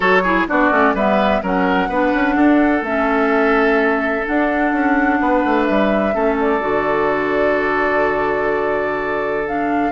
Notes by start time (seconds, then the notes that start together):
0.00 F#3 F#4 A4 C#5
0.23 E4 G#4
0.48 B3 D4 F#4 D5
0.71 A3 C#4
0.94 G3 B3 B4 E5
1.42 F#3 C#4 A#4 F#5
1.88 B3 D4 B4
2.14 C#4
2.35 D4 A4
2.81 A3 C#4 E5
4.25 D4 F#5
4.72 C#4
5.20 B3 B4
5.45 A3
5.64 G3 E5
6.13 A3 C#4 A4
6.40 D5
6.60 D3 F#4
9.47 D4 F5